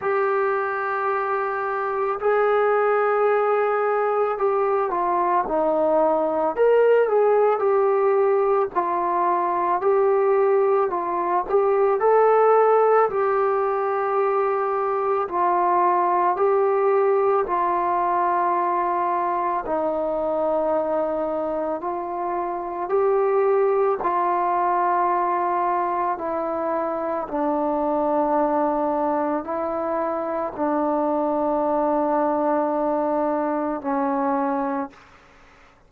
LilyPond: \new Staff \with { instrumentName = "trombone" } { \time 4/4 \tempo 4 = 55 g'2 gis'2 | g'8 f'8 dis'4 ais'8 gis'8 g'4 | f'4 g'4 f'8 g'8 a'4 | g'2 f'4 g'4 |
f'2 dis'2 | f'4 g'4 f'2 | e'4 d'2 e'4 | d'2. cis'4 | }